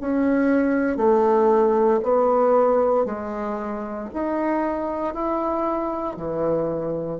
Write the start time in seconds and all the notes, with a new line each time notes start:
0.00 C#4
0.97 A3
2.03 B3
3.05 G#3
4.13 D#4
5.13 E4
6.16 E3